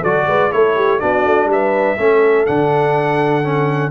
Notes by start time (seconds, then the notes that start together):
0.00 F#3 F#4 A4 D5
0.26 G#3 B4
0.51 A3 E4 A4 C#5
0.75 G4
0.99 B3 D4 F#4 D5
1.25 A3
1.45 G3
1.52 B4 E5
1.97 A3 C#4 A4
2.46 D3 D4 F#5
3.43 C#4